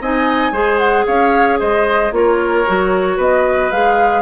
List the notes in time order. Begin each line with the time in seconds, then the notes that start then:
0.00 C4 D#4 D#5 G#5
0.52 G#3 G#4 C5
0.78 F#5
1.06 C#4 C#5 F5
1.59 G#3 C5 D#5
2.11 A#3 F4 A#4 C#5
2.67 F#3 F#4
3.17 B3 B4 D#5
3.71 G#3 G#4 F5